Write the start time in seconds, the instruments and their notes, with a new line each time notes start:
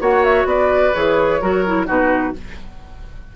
0.00 bassoon A#3, clarinet F#4, oboe C#5, flute F#5
0.24 flute E5
0.44 bassoon B3, oboe B4, flute D5
0.94 bassoon E3, clarinet G#4, flute C#5
1.41 bassoon F#3, clarinet F#4, oboe A#4
1.66 clarinet E4
1.86 bassoon B2, clarinet D#4, oboe F#4, flute B4